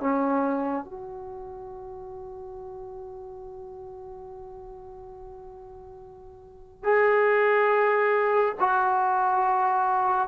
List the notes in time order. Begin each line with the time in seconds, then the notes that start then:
0.00 C#4
0.85 F#4
6.84 G#4
8.60 F#4